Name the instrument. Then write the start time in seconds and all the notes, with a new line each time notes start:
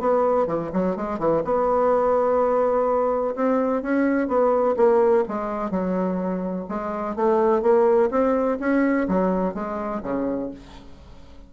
bassoon
0.00 B3
0.47 E3
0.73 F#3
0.96 G#3
1.19 E3
1.45 B3
3.35 C4
3.82 C#4
4.28 B3
4.77 A#3
5.28 G#3
5.71 F#3
6.69 G#3
7.16 A3
7.62 A#3
8.11 C4
8.60 C#4
9.08 F#3
9.54 G#3
10.03 C#3